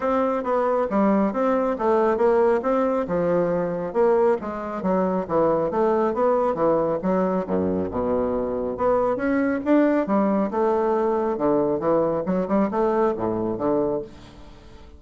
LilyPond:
\new Staff \with { instrumentName = "bassoon" } { \time 4/4 \tempo 4 = 137 c'4 b4 g4 c'4 | a4 ais4 c'4 f4~ | f4 ais4 gis4 fis4 | e4 a4 b4 e4 |
fis4 fis,4 b,2 | b4 cis'4 d'4 g4 | a2 d4 e4 | fis8 g8 a4 a,4 d4 | }